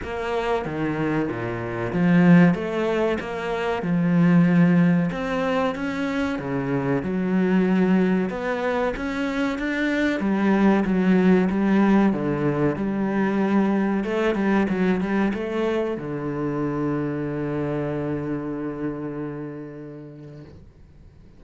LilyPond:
\new Staff \with { instrumentName = "cello" } { \time 4/4 \tempo 4 = 94 ais4 dis4 ais,4 f4 | a4 ais4 f2 | c'4 cis'4 cis4 fis4~ | fis4 b4 cis'4 d'4 |
g4 fis4 g4 d4 | g2 a8 g8 fis8 g8 | a4 d2.~ | d1 | }